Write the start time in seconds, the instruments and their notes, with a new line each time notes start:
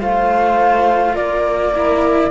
0.00 cello A3 F4, viola C5, flute F5
1.14 cello A#3, viola A#4, flute D5
1.74 cello E4